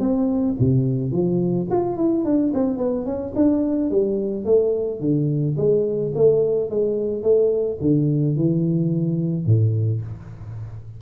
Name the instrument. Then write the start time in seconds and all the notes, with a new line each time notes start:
tuba
0.00 C4
0.60 C3
1.12 F3
1.71 F4
1.97 E4
2.25 D4
2.54 C4
2.78 B3
3.06 C#4
3.36 D4
3.91 G3
4.45 A3
5.01 D3
5.57 G#3
6.15 A3
6.70 G#3
7.23 A3
7.81 D3
8.37 E3
9.46 A2